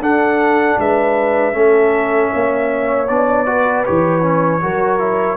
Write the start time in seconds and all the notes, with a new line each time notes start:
0.00 D4 A4 F#5
0.79 G#3 B4 E5
1.53 A3 C#4 A4
2.31 A#3 C#5
3.08 B3 D4 D5
3.46 F#4 B4
3.86 E3 G4 C#5
4.22 C#4
4.61 F#3 F#4 A#4
4.99 E4